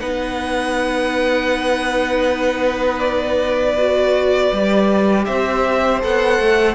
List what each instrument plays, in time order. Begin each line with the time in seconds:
0.00 cello B3, viola D#4, violin B4 F#5
3.00 violin D5
3.78 viola F#4
4.53 cello G3, viola G4
5.25 cello C4, violin C5 E5
6.01 cello B3, viola A4, violin F#5
6.39 cello A3